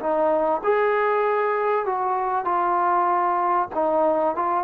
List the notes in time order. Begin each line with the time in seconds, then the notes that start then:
0.00 D#4
0.64 G#4
1.86 F#4
2.45 F4
3.75 D#4
4.36 F4